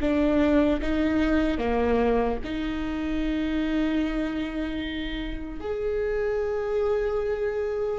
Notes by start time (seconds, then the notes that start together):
0.00 D4
0.81 D#4
1.57 A#3
2.44 D#4
5.60 G#4